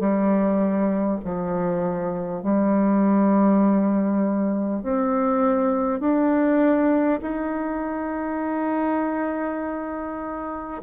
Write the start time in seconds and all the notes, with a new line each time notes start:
0.00 G3
1.25 F3
2.43 G3
4.83 C4
6.01 D4
7.22 D#4